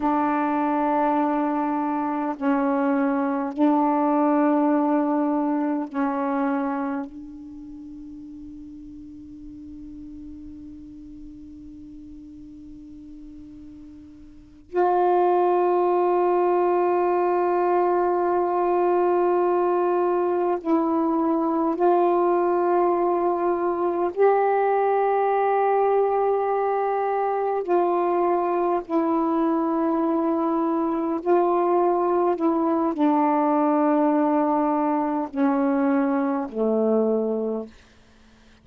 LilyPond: \new Staff \with { instrumentName = "saxophone" } { \time 4/4 \tempo 4 = 51 d'2 cis'4 d'4~ | d'4 cis'4 d'2~ | d'1~ | d'8 f'2.~ f'8~ |
f'4. e'4 f'4.~ | f'8 g'2. f'8~ | f'8 e'2 f'4 e'8 | d'2 cis'4 a4 | }